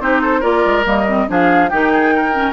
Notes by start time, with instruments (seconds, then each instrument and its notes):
0.00 bassoon C4, clarinet D#4, oboe G4, flute C5
0.22 oboe A4
0.40 bassoon A#3, clarinet F4, oboe A#4, flute D5
0.66 bassoon G#3
0.85 bassoon G3, clarinet A#3, flute D#5
1.08 clarinet C4
1.28 bassoon F3, clarinet D4, oboe G#4, flute F5
1.69 bassoon D#3, clarinet D#4, oboe G4, flute G5
1.92 oboe G#4
2.15 oboe A#4
2.33 clarinet C#4